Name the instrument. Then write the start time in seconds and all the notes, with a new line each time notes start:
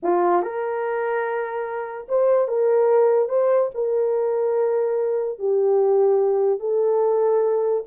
horn
0.02 F4
0.42 A#4
2.08 C5
2.48 A#4
3.29 C5
3.74 A#4
5.38 G4
6.59 A4